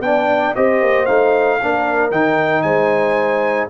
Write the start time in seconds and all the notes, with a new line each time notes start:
0.00 B3 D4 D5 G5
0.55 C4 G4 C5 D#5
0.82 A#3
1.06 A3 D#4 F5
1.60 A#3 D4 A#4
2.11 D#3 D#4 G5
2.62 G#3 C5 G#5